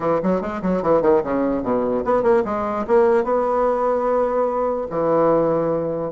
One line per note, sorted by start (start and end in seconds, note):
0.00 0.20 E3
0.22 0.41 F#3
0.41 0.61 G#3
0.62 0.82 F#3
0.82 1.01 E3
1.01 1.22 D#3
1.23 1.62 C#3
1.62 2.03 B2
2.04 2.22 B3
2.22 2.43 A#3
2.45 2.85 G#3
2.87 3.24 A#3
3.24 4.87 B3
4.90 6.11 E3